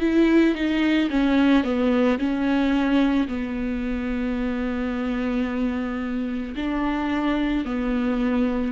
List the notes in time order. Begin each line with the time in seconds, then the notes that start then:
0.00 E4
0.55 D#4
1.10 C#4
1.64 B3
2.18 C#4
3.28 B3
6.56 D4
7.65 B3